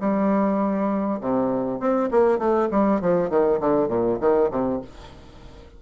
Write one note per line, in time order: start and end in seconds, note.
0.00 1.20 G3
1.21 1.80 C3
1.80 2.10 C4
2.11 2.38 A#3
2.38 2.68 A3
2.71 3.01 G3
3.01 3.30 F3
3.30 3.60 D#3
3.60 3.88 D3
3.88 4.18 A#2
4.20 4.50 D#3
4.51 4.81 C3